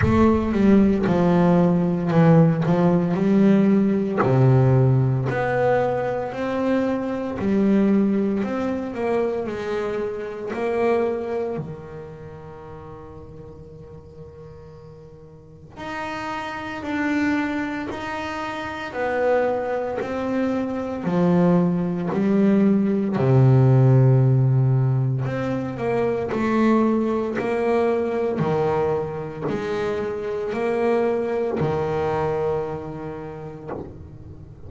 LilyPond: \new Staff \with { instrumentName = "double bass" } { \time 4/4 \tempo 4 = 57 a8 g8 f4 e8 f8 g4 | c4 b4 c'4 g4 | c'8 ais8 gis4 ais4 dis4~ | dis2. dis'4 |
d'4 dis'4 b4 c'4 | f4 g4 c2 | c'8 ais8 a4 ais4 dis4 | gis4 ais4 dis2 | }